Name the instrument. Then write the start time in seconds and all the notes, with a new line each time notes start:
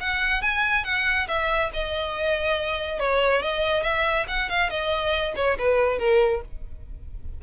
violin
0.00 F#5
0.42 G#5
0.84 F#5
1.27 E5
1.73 D#5
2.99 C#5
3.42 D#5
3.83 E5
4.28 F#5
4.49 F5
4.70 D#5
5.36 C#5
5.58 B4
5.99 A#4